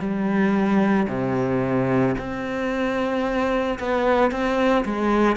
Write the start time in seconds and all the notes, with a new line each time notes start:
0.00 G3
1.09 C3
2.18 C4
3.79 B3
4.31 C4
4.86 G#3